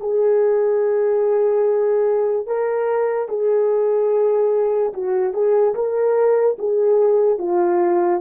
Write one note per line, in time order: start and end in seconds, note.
0.00 2.47 G#4
2.47 3.28 A#4
3.28 4.93 G#4
4.93 5.33 F#4
5.33 5.74 G#4
5.75 6.57 A#4
6.59 7.39 G#4
7.39 8.21 F4